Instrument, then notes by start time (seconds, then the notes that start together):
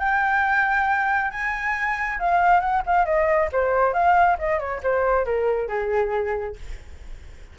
flute
0.00 G5
1.31 G#5
2.19 F5
2.61 F#5
2.87 F5
3.06 D#5
3.53 C5
3.94 F5
4.39 D#5
4.59 C#5
4.83 C5
5.25 A#4
5.69 G#4